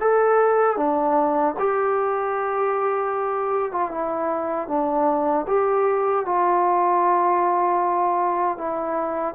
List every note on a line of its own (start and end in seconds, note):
0.00 0.77 A4
0.77 1.54 D4
1.59 3.72 G4
3.72 3.91 F4
3.91 4.68 E4
4.68 5.46 D4
5.48 6.26 G4
6.26 8.58 F4
8.58 9.35 E4